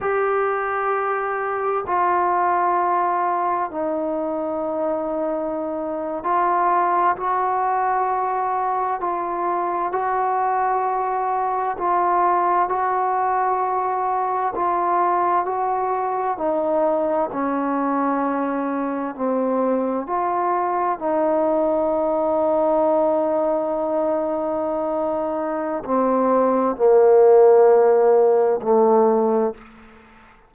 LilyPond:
\new Staff \with { instrumentName = "trombone" } { \time 4/4 \tempo 4 = 65 g'2 f'2 | dis'2~ dis'8. f'4 fis'16~ | fis'4.~ fis'16 f'4 fis'4~ fis'16~ | fis'8. f'4 fis'2 f'16~ |
f'8. fis'4 dis'4 cis'4~ cis'16~ | cis'8. c'4 f'4 dis'4~ dis'16~ | dis'1 | c'4 ais2 a4 | }